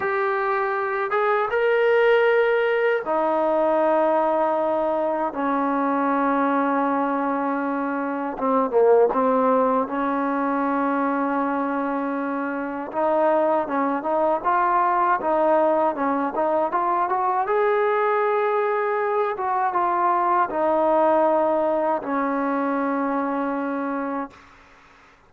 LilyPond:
\new Staff \with { instrumentName = "trombone" } { \time 4/4 \tempo 4 = 79 g'4. gis'8 ais'2 | dis'2. cis'4~ | cis'2. c'8 ais8 | c'4 cis'2.~ |
cis'4 dis'4 cis'8 dis'8 f'4 | dis'4 cis'8 dis'8 f'8 fis'8 gis'4~ | gis'4. fis'8 f'4 dis'4~ | dis'4 cis'2. | }